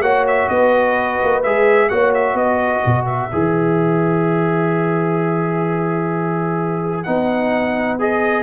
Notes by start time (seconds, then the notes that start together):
0.00 A#3 F#4 C#5 F#5
0.27 E5
0.48 B3 B4 D#5
1.23 A#3
1.43 G#3 G#4 E5
1.88 A#3 F#4 C#5 F#5
2.14 E5
2.33 B3 B4 D#5
2.85 B2
3.05 E5
3.32 E3 G#4
7.03 B3 D#4 F#5
7.99 G#4 D#5